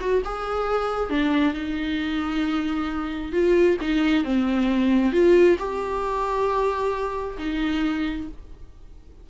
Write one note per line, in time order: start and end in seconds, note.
0.00 0.22 F#4
0.24 1.09 G#4
1.09 1.53 D4
1.53 3.32 D#4
3.32 3.77 F4
3.81 4.24 D#4
4.24 5.12 C4
5.12 5.57 F4
5.58 7.37 G4
7.38 8.28 D#4